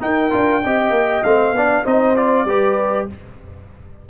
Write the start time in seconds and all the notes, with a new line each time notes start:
0.00 D#4 A#4 G5
0.31 D4 F4
0.64 C4 G4 D#5
0.90 A#3
1.23 A3 C4 F5
1.52 B3 D4 D5
1.85 C4 D#4 C5 D#5
2.16 F4 D5
2.45 G3 G4 B4